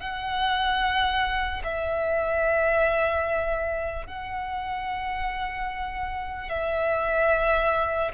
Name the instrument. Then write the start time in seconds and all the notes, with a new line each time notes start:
violin
0.00 F#5
1.64 E5
4.07 F#5
6.49 E5